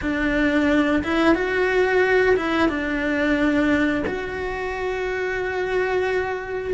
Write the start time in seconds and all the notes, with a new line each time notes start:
0.01 D4
1.03 E4
1.34 F#4
2.36 E4
2.68 D4
4.06 F#4